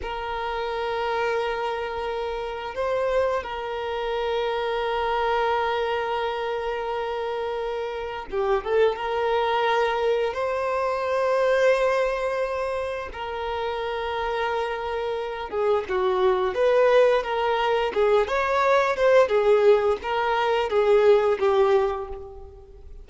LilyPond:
\new Staff \with { instrumentName = "violin" } { \time 4/4 \tempo 4 = 87 ais'1 | c''4 ais'2.~ | ais'1 | g'8 a'8 ais'2 c''4~ |
c''2. ais'4~ | ais'2~ ais'8 gis'8 fis'4 | b'4 ais'4 gis'8 cis''4 c''8 | gis'4 ais'4 gis'4 g'4 | }